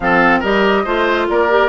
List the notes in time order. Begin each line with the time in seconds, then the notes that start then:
0.00 F3 C4 A4 F5
0.39 G3 G4 A#4 D#5
0.84 A3 F4 C5
1.29 A#3 A#4 D5
1.49 G4